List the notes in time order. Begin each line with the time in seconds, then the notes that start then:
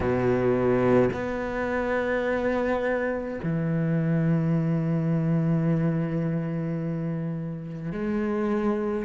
0.00 B2
1.13 B3
3.43 E3
7.92 G#3